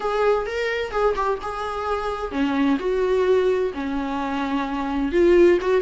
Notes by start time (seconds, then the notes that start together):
0.00 G#4
0.45 A#4
0.91 G#4
1.15 G4
1.42 G#4
2.31 C#4
2.79 F#4
3.74 C#4
5.11 F4
5.61 F#4